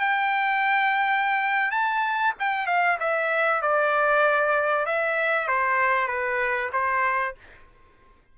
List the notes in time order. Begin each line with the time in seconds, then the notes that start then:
0.00 G5
1.71 A5
2.40 G5
2.67 F5
3.00 E5
3.62 D5
4.86 E5
5.48 C5
6.08 B4
6.73 C5